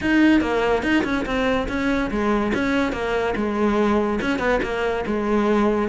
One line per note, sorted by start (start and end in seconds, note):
0.01 0.40 D#4
0.40 0.82 A#3
0.82 1.03 D#4
1.04 1.25 C#4
1.25 1.67 C4
1.68 2.10 C#4
2.10 2.52 G#3
2.53 2.92 C#4
2.92 3.34 A#3
3.35 4.19 G#3
4.21 4.38 C#4
4.38 4.59 B3
4.63 5.05 A#3
5.06 5.88 G#3